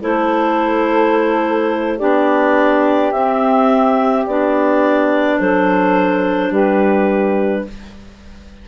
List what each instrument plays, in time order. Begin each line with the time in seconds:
0.00 bassoon A3, clarinet E4 C5, saxophone A4
1.96 bassoon B3, clarinet D4 D5, saxophone G4
3.12 bassoon C4, clarinet C4 E5
4.26 bassoon B3, clarinet D4 D5
5.38 bassoon F#3, saxophone A4, clarinet C5
6.49 bassoon G3, saxophone G4, clarinet B4